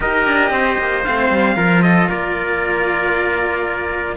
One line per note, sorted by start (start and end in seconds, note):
0.00 0.26 D#4
0.00 1.02 G4
0.00 0.52 A#4
0.00 1.04 D#5
0.26 0.50 D4
0.50 0.76 C4
0.50 1.56 C5
0.79 1.05 A#3
1.04 1.30 A3
1.04 1.56 C4
1.04 1.82 F5
1.30 1.56 G3
1.56 2.08 F3
1.56 4.16 F4
1.56 1.82 A#4
1.82 2.09 A4
1.82 2.08 D#5
2.09 4.16 A#3
2.09 4.16 A#4
2.09 4.16 D5